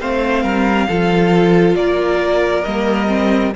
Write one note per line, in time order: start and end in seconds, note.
0.00 0.43 A3
0.00 0.88 C4
0.00 0.42 C5
0.00 1.75 F5
0.42 0.87 G3
0.42 0.86 A#4
0.88 1.75 F3
0.88 2.65 F4
0.88 1.76 A4
1.75 2.63 A#3
1.75 3.54 A#4
1.75 2.63 D5
2.63 3.54 G3
2.63 3.08 A#3
2.63 3.52 D#5
3.08 3.52 C4